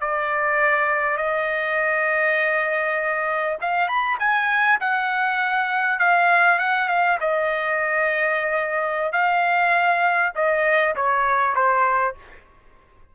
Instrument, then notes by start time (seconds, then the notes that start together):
trumpet
0.00 D5
1.17 D#5
3.61 F5
3.88 B5
4.19 G#5
4.80 F#5
5.99 F5
6.59 F#5
6.88 F5
7.20 D#5
9.12 F5
10.35 D#5
10.96 C#5
11.55 C5